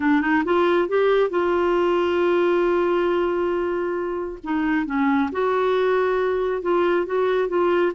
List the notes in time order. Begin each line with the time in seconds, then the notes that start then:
0.00 D4
0.21 D#4
0.45 F4
0.88 G4
1.30 F4
4.43 D#4
4.86 C#4
5.32 F#4
6.62 F4
7.06 F#4
7.48 F4